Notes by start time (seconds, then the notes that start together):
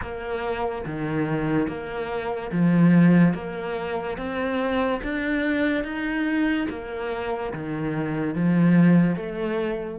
0.01 A#3
0.85 D#3
1.67 A#3
2.51 F3
3.34 A#3
4.17 C4
5.03 D4
5.83 D#4
6.69 A#3
7.53 D#3
8.34 F3
9.16 A3